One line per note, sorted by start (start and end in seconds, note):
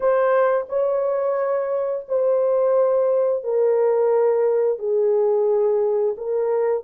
0.00 0.65 C5
0.68 2.05 C#5
2.08 3.43 C5
3.43 4.79 A#4
4.79 6.15 G#4
6.17 6.83 A#4